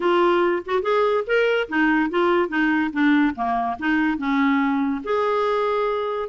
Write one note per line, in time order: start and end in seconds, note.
0.00 0.63 F4
0.65 0.82 F#4
0.82 1.24 G#4
1.26 1.68 A#4
1.68 2.10 D#4
2.10 2.49 F4
2.49 2.90 D#4
2.93 3.35 D4
3.35 3.77 A#3
3.79 4.18 D#4
4.18 5.02 C#4
5.03 6.29 G#4